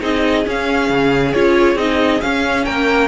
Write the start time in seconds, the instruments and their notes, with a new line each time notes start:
0.00 cello C4, viola D#4, violin G#4 D#5
0.44 viola C#4, cello C#4, violin F5
0.89 cello C#3
1.33 cello C#4, viola F4, violin C#5
1.75 cello C4, viola D#4, violin D#5
2.21 viola C#4, cello C#4, violin F5
2.65 cello A#3, violin A#4 G5